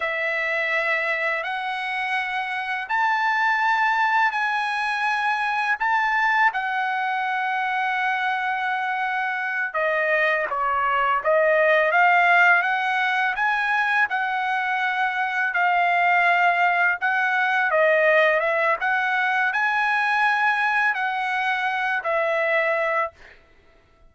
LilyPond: \new Staff \with { instrumentName = "trumpet" } { \time 4/4 \tempo 4 = 83 e''2 fis''2 | a''2 gis''2 | a''4 fis''2.~ | fis''4. dis''4 cis''4 dis''8~ |
dis''8 f''4 fis''4 gis''4 fis''8~ | fis''4. f''2 fis''8~ | fis''8 dis''4 e''8 fis''4 gis''4~ | gis''4 fis''4. e''4. | }